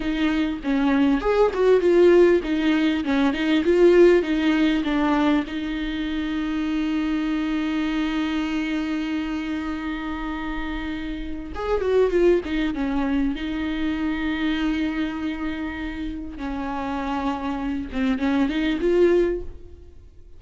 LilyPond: \new Staff \with { instrumentName = "viola" } { \time 4/4 \tempo 4 = 99 dis'4 cis'4 gis'8 fis'8 f'4 | dis'4 cis'8 dis'8 f'4 dis'4 | d'4 dis'2.~ | dis'1~ |
dis'2. gis'8 fis'8 | f'8 dis'8 cis'4 dis'2~ | dis'2. cis'4~ | cis'4. c'8 cis'8 dis'8 f'4 | }